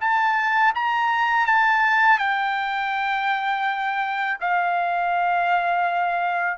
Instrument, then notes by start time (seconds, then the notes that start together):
trumpet
0.00 A5
0.75 A#5
1.46 A5
2.18 G5
4.40 F5